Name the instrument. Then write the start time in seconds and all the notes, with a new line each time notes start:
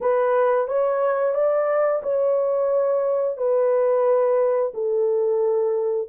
horn
0.00 B4
0.67 C#5
1.34 D5
2.02 C#5
3.37 B4
4.74 A4